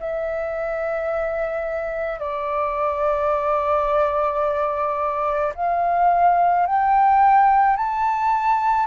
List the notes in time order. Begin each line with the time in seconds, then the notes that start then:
0.00 E5
2.20 D5
5.55 F5
6.66 G5
7.77 A5